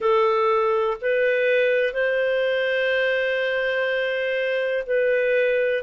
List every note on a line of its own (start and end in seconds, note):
0.00 0.97 A4
1.01 1.93 B4
1.93 4.83 C5
4.86 5.83 B4